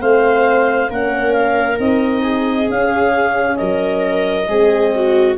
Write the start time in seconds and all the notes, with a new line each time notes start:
0.00 A3 C4 C5 F5
0.90 A#3 C#4 A#4 F#5
1.33 F5
1.78 C4 D#4 D#5
2.23 G#4
2.68 C#4 F5
3.57 F#3 A#4 D#5
4.48 G#3 C4 G#4
4.96 F#4